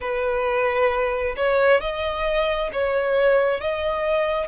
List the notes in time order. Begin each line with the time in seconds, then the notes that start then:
0.00 B4
1.36 C#5
1.81 D#5
2.73 C#5
3.60 D#5